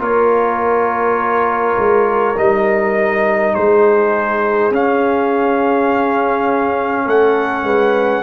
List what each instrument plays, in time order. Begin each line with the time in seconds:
0.00 tuba A#3, trombone F4, horn A#4, trumpet C#5
1.78 tuba G#3
2.37 tuba G3, trombone D#4, trumpet D#5
3.55 tuba G#3, horn G#4, trumpet C5
4.71 tuba C#4, trombone C#4, trumpet F5
7.06 tuba A3, horn A4, trumpet F#5
7.63 tuba G#3, horn B4